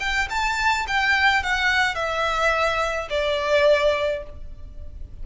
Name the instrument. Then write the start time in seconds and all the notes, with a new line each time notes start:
violin
0.00 G5
0.30 A5
0.88 G5
1.43 F#5
1.95 E5
3.10 D5